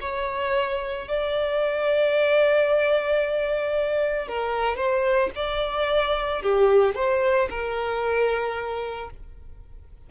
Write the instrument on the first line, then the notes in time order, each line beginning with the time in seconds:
violin
0.00 C#5
1.07 D5
4.27 A#4
4.76 C5
5.35 D5
6.42 G4
6.94 C5
7.49 A#4